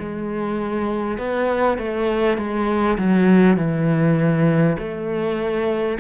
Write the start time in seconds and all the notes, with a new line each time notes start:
0.00 G#3
1.18 B3
1.79 A3
2.38 G#3
2.98 F#3
3.57 E3
4.79 A3